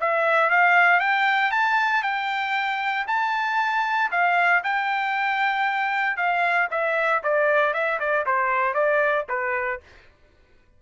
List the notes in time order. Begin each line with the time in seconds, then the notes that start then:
0.00 E5
0.50 F5
0.99 G5
1.51 A5
2.02 G5
3.07 A5
4.11 F5
4.63 G5
6.16 F5
6.71 E5
7.23 D5
7.73 E5
7.99 D5
8.26 C5
8.74 D5
9.28 B4